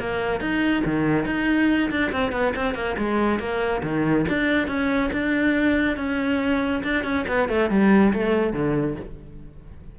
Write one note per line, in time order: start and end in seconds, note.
0.00 0.40 A#3
0.40 0.83 D#4
0.85 1.26 D#3
1.26 1.90 D#4
1.90 2.12 D4
2.12 2.32 C4
2.32 2.53 B3
2.55 2.74 C4
2.74 2.96 A#3
2.98 3.39 G#3
3.39 3.82 A#3
3.83 4.25 D#3
4.28 4.67 D4
4.67 5.10 C#4
5.12 5.96 D4
5.96 6.82 C#4
6.83 7.04 D4
7.04 7.25 C#4
7.28 7.49 B3
7.49 7.70 A3
7.70 8.13 G3
8.13 8.53 A3
8.53 8.96 D3